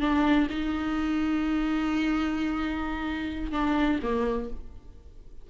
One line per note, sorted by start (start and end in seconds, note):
0.00 0.47 D4
0.49 3.52 D#4
3.52 3.99 D4
4.02 4.49 A#3